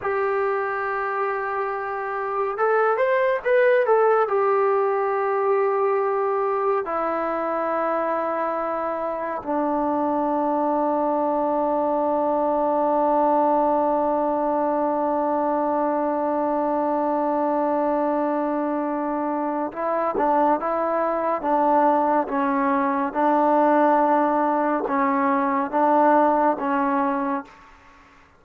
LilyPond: \new Staff \with { instrumentName = "trombone" } { \time 4/4 \tempo 4 = 70 g'2. a'8 c''8 | b'8 a'8 g'2. | e'2. d'4~ | d'1~ |
d'1~ | d'2. e'8 d'8 | e'4 d'4 cis'4 d'4~ | d'4 cis'4 d'4 cis'4 | }